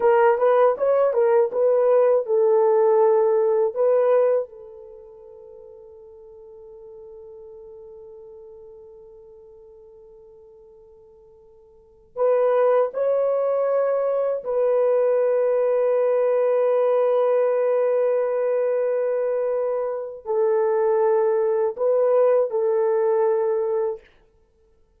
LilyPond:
\new Staff \with { instrumentName = "horn" } { \time 4/4 \tempo 4 = 80 ais'8 b'8 cis''8 ais'8 b'4 a'4~ | a'4 b'4 a'2~ | a'1~ | a'1~ |
a'16 b'4 cis''2 b'8.~ | b'1~ | b'2. a'4~ | a'4 b'4 a'2 | }